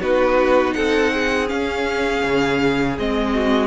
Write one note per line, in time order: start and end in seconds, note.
0.00 0.74 B3
0.00 1.48 D#4
0.00 0.75 F#4
0.00 0.74 B4
0.74 1.51 C4
0.74 1.13 A4
0.74 1.48 F#5
1.14 3.34 G#4
1.48 2.96 C#4
1.48 2.25 C#4
1.48 2.97 F5
2.25 2.99 C#3
2.99 3.68 G#3
2.99 3.68 C4
2.99 3.68 D#5
3.34 3.68 F#4